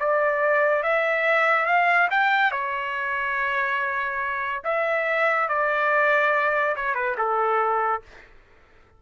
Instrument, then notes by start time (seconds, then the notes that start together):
trumpet
0.00 D5
0.83 E5
1.66 F5
2.10 G5
2.51 C#5
4.64 E5
5.49 D5
6.76 C#5
6.94 B4
7.18 A4